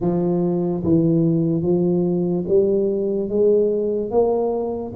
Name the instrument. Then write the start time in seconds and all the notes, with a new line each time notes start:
tuba
0.00 F3
0.83 E3
1.62 F3
2.48 G3
3.29 G#3
4.10 A#3